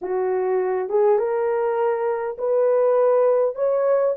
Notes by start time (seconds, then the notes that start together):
0.01 F#4
0.89 G#4
1.18 A#4
2.38 B4
3.55 C#5